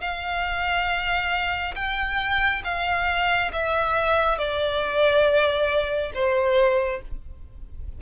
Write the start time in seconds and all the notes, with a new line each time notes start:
0.00 F5
1.75 G5
2.64 F5
3.52 E5
4.38 D5
6.14 C5